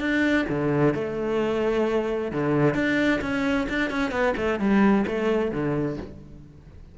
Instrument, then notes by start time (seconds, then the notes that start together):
cello
0.00 D4
0.49 D3
0.95 A3
2.32 D3
2.75 D4
3.21 C#4
3.69 D4
3.91 C#4
4.11 B3
4.37 A3
4.60 G3
5.07 A3
5.51 D3